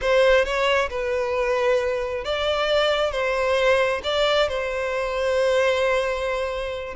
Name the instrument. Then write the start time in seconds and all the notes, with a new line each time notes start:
violin
0.01 C5
0.44 C#5
0.90 B4
2.24 D5
3.11 C5
4.03 D5
4.48 C5